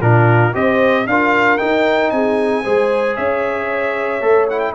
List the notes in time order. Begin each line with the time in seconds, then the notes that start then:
0.00 A#2 D4 F4 A#4
0.52 C4 G4 C5 D#5
1.06 D4 F4 A#4 F5
1.57 D#4 G5
2.10 C4 G#4 G#5
2.62 G#3 G#4 C5
3.15 C#4 C#5 E5
4.21 A3 A4
4.49 E4 F#5
4.59 G5